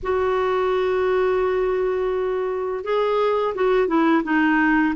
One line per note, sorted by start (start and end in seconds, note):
0.02 2.84 F#4
2.84 3.54 G#4
3.55 3.87 F#4
3.87 4.23 E4
4.24 4.94 D#4